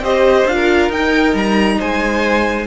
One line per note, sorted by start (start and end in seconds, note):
0.00 0.44 C4
0.00 0.48 G4
0.00 0.55 C5
0.00 0.47 D#5
0.45 0.89 D4
0.45 0.93 F4
0.45 0.91 F5
0.55 1.76 A#4
0.89 1.33 D#4
0.89 2.67 D#4
0.89 1.36 G5
1.34 1.78 G3
1.34 1.81 A#5
1.79 2.67 G#3
1.79 2.67 C5
1.79 2.67 G#5